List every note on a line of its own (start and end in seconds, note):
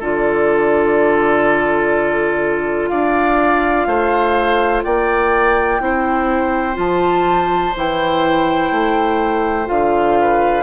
0.00 2.91 D3
0.00 5.81 F4
0.00 2.90 A4
0.00 2.90 D5
2.90 3.87 D4
2.90 3.88 D5
2.90 4.83 F5
3.87 4.84 A3
3.87 4.84 C5
4.84 5.81 A#3
4.84 5.81 D5
4.84 6.77 G5
5.81 6.77 C4
5.81 6.75 E4
5.81 10.20 C5
6.75 7.75 F3
6.75 7.71 F4
6.75 7.76 A5
7.77 8.72 E3
7.77 9.66 E4
7.77 9.69 G5
8.72 9.68 A3
9.66 10.64 D3
9.66 10.63 F4
9.66 10.64 F5
10.21 10.64 B4